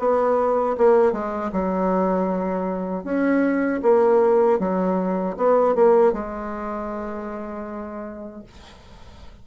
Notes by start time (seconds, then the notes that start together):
0.00 B3
0.78 A#3
1.13 G#3
1.53 F#3
3.05 C#4
3.83 A#3
4.60 F#3
5.37 B3
5.76 A#3
6.13 G#3